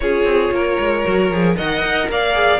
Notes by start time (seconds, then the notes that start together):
0.00 C#4 F4 G#4 C#5
0.24 C4
0.51 A#3 A#4
0.79 G#3
1.04 F#3 F#4
1.30 F3 G#4
1.56 D#3 A#4 D#5 F#5
1.82 D#4
2.09 A#3 D5 F5
2.33 G#4